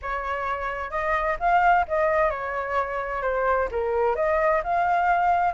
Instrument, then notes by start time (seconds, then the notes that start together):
flute
0.01 C#5
0.90 D#5
1.39 F5
1.88 D#5
2.30 C#5
3.22 C5
3.71 A#4
4.15 D#5
4.63 F5